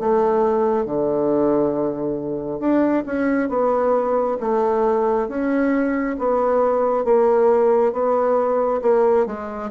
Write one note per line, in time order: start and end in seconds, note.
0.00 0.86 A3
0.86 2.60 D3
2.60 3.04 D4
3.06 3.50 C#4
3.50 4.38 B3
4.41 5.29 A3
5.29 6.17 C#4
6.19 7.05 B3
7.05 7.93 A#3
7.93 8.82 B3
8.82 9.26 A#3
9.26 9.71 G#3